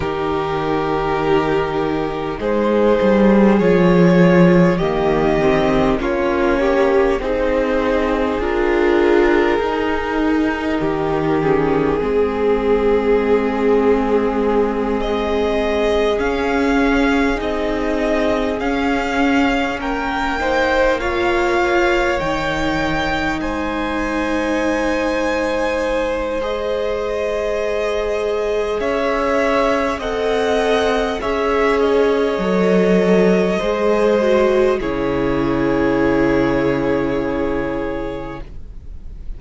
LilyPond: <<
  \new Staff \with { instrumentName = "violin" } { \time 4/4 \tempo 4 = 50 ais'2 c''4 cis''4 | dis''4 cis''4 c''4 ais'4~ | ais'4. gis'2~ gis'8~ | gis'8 dis''4 f''4 dis''4 f''8~ |
f''8 g''4 f''4 g''4 gis''8~ | gis''2 dis''2 | e''4 fis''4 e''8 dis''4.~ | dis''4 cis''2. | }
  \new Staff \with { instrumentName = "violin" } { \time 4/4 g'2 gis'2 | g'4 f'8 g'8 gis'2~ | gis'4 g'4 gis'2~ | gis'1~ |
gis'8 ais'8 c''8 cis''2 c''8~ | c''1 | cis''4 dis''4 cis''2 | c''4 gis'2. | }
  \new Staff \with { instrumentName = "viola" } { \time 4/4 dis'2. f'4 | ais8 c'8 cis'4 dis'4 f'4 | dis'4. cis'8 c'2~ | c'4. cis'4 dis'4 cis'8~ |
cis'4 dis'8 f'4 dis'4.~ | dis'2 gis'2~ | gis'4 a'4 gis'4 a'4 | gis'8 fis'8 e'2. | }
  \new Staff \with { instrumentName = "cello" } { \time 4/4 dis2 gis8 g8 f4 | dis4 ais4 c'4 d'4 | dis'4 dis4 gis2~ | gis4. cis'4 c'4 cis'8~ |
cis'8 ais2 dis4 gis8~ | gis1 | cis'4 c'4 cis'4 fis4 | gis4 cis2. | }
>>